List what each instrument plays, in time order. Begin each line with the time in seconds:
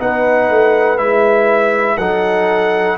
0.00 tuba B3, trombone D#4, horn B4, trumpet F#5
0.49 tuba A3
0.98 tuba G#3, trombone E4, trumpet E5
1.97 tuba F#3, trombone D#4, horn A4, trumpet F#5